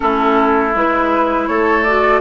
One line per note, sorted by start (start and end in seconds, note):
0.00 0.75 A3
0.00 0.72 C#4
0.00 1.49 E4
0.00 0.74 A4
0.75 1.48 G#3
0.75 1.86 E4
0.75 1.47 B4
1.47 2.20 A3
1.47 2.20 A4
1.47 1.83 C#5
1.83 2.20 F#4
1.83 2.20 D5